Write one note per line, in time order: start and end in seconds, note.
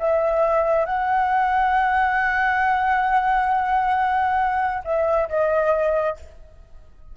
0.00 0.86 E5
0.86 4.83 F#5
4.84 5.29 E5
5.29 6.17 D#5